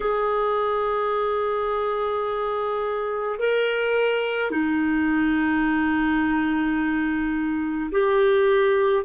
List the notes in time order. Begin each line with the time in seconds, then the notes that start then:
0.00 G#4
3.39 A#4
4.50 D#4
7.91 G4